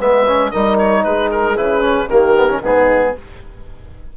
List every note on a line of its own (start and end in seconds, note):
0.00 0.52 G#3
0.00 0.26 B3
0.00 0.52 B4
0.00 0.51 E5
0.27 0.53 C#4
0.51 1.06 G3
0.51 1.57 D#4
0.51 1.04 A#4
0.51 0.77 D#5
0.79 1.04 C#5
1.04 1.58 G#3
1.04 2.10 G#4
1.04 1.30 B4
1.32 1.57 A#4
1.57 2.10 C#3
1.57 1.82 E4
1.57 2.10 B4
1.82 2.08 C#4
2.10 2.62 D#3
2.10 2.35 A#3
2.10 2.62 G4
2.10 2.62 A#4
2.35 2.48 B3
2.49 2.62 C#4
2.62 3.15 G#2
2.62 3.16 B3
2.62 3.15 D#4
2.62 3.17 G#4